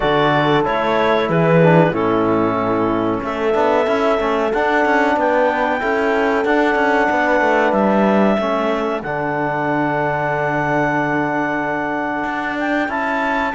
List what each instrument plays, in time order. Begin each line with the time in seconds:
0.00 cello D3, trombone F#4, horn A4, clarinet D5
0.64 cello A3, trombone E4, clarinet C#5
1.27 cello E3, horn G#4, clarinet B4
1.63 trombone D4
1.90 cello A2, trombone C#4, horn E4, clarinet A4
3.22 cello A3, horn A4, clarinet E5
3.52 cello B3, trombone D4
3.86 cello C#4, trombone E4
4.18 cello A3, trombone C#4
4.53 cello D4, trombone D4, clarinet F#5
4.85 cello C#4
5.16 cello B3, horn B4, clarinet G5
5.79 cello C#4, trombone E4, horn A4
6.44 cello D4, trombone D4, clarinet F#5
6.75 cello C#4
7.10 cello B3, horn B4
7.40 cello A3
7.72 cello G3, clarinet E5
8.37 cello A3, trombone C#4, horn A4
9.02 cello D3, trombone D4, clarinet F#5
12.24 cello D4
12.58 clarinet G5
12.88 cello C#4, trombone E4, clarinet A5